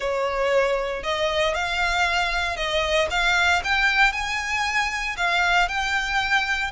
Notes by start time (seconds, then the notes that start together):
0.00 C#5
1.03 D#5
1.54 F5
2.56 D#5
3.10 F5
3.63 G5
4.12 G#5
5.17 F5
5.68 G5